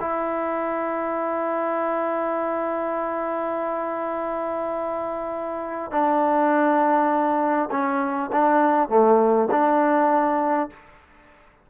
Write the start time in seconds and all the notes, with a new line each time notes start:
0.00 E4
5.91 D4
7.71 C#4
8.32 D4
8.89 A3
9.51 D4